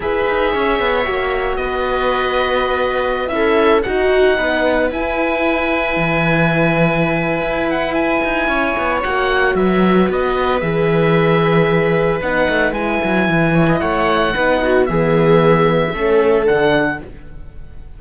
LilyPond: <<
  \new Staff \with { instrumentName = "oboe" } { \time 4/4 \tempo 4 = 113 e''2. dis''4~ | dis''2~ dis''16 e''4 fis''8.~ | fis''4~ fis''16 gis''2~ gis''8.~ | gis''2~ gis''8 fis''8 gis''4~ |
gis''4 fis''4 e''4 dis''4 | e''2. fis''4 | gis''2 fis''2 | e''2. fis''4 | }
  \new Staff \with { instrumentName = "viola" } { \time 4/4 b'4 cis''2 b'4~ | b'2~ b'16 a'4 fis'8.~ | fis'16 b'2.~ b'8.~ | b'1 |
cis''2 b'2~ | b'1~ | b'4. cis''16 dis''16 cis''4 b'8 fis'8 | gis'2 a'2 | }
  \new Staff \with { instrumentName = "horn" } { \time 4/4 gis'2 fis'2~ | fis'2~ fis'16 e'4 dis'8.~ | dis'4~ dis'16 e'2~ e'8.~ | e'1~ |
e'4 fis'2. | gis'2. dis'4 | e'2. dis'4 | b2 cis'4 d'4 | }
  \new Staff \with { instrumentName = "cello" } { \time 4/4 e'8 dis'8 cis'8 b8 ais4 b4~ | b2~ b16 cis'4 dis'8.~ | dis'16 b4 e'2 e8.~ | e2 e'4. dis'8 |
cis'8 b8 ais4 fis4 b4 | e2. b8 a8 | gis8 fis8 e4 a4 b4 | e2 a4 d4 | }
>>